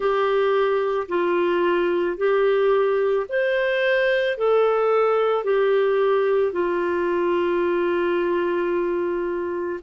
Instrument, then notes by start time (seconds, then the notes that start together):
clarinet
0.00 G4
1.08 F4
2.17 G4
3.28 C5
4.37 A4
5.43 G4
6.52 F4